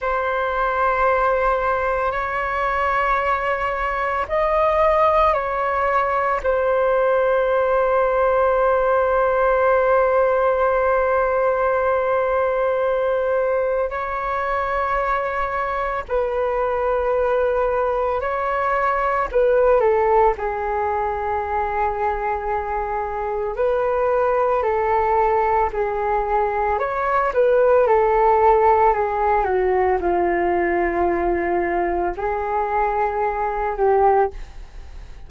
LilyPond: \new Staff \with { instrumentName = "flute" } { \time 4/4 \tempo 4 = 56 c''2 cis''2 | dis''4 cis''4 c''2~ | c''1~ | c''4 cis''2 b'4~ |
b'4 cis''4 b'8 a'8 gis'4~ | gis'2 b'4 a'4 | gis'4 cis''8 b'8 a'4 gis'8 fis'8 | f'2 gis'4. g'8 | }